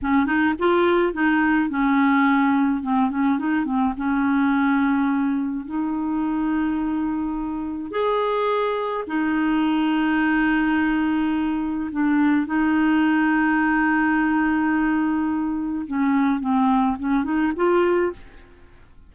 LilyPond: \new Staff \with { instrumentName = "clarinet" } { \time 4/4 \tempo 4 = 106 cis'8 dis'8 f'4 dis'4 cis'4~ | cis'4 c'8 cis'8 dis'8 c'8 cis'4~ | cis'2 dis'2~ | dis'2 gis'2 |
dis'1~ | dis'4 d'4 dis'2~ | dis'1 | cis'4 c'4 cis'8 dis'8 f'4 | }